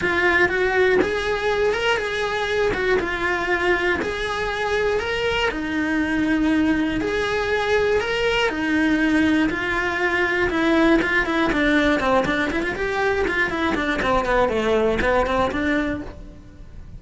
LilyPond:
\new Staff \with { instrumentName = "cello" } { \time 4/4 \tempo 4 = 120 f'4 fis'4 gis'4. ais'8 | gis'4. fis'8 f'2 | gis'2 ais'4 dis'4~ | dis'2 gis'2 |
ais'4 dis'2 f'4~ | f'4 e'4 f'8 e'8 d'4 | c'8 d'8 e'16 f'16 g'4 f'8 e'8 d'8 | c'8 b8 a4 b8 c'8 d'4 | }